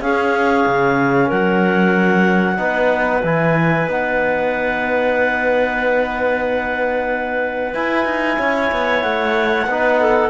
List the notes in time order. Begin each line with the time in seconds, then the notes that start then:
0.00 C#4 G#4 F5
0.67 C#3
1.26 F#3 A#4 F#5
2.57 B3 D#4 B4
3.23 E3 E4 G#5
3.87 B3 D#4 F#5
7.74 E4 G#5
8.05 D#4
8.39 C#4 C#5
8.72 B3
9.02 A3 F#5
9.66 B3 D#4 B4
10.00 A4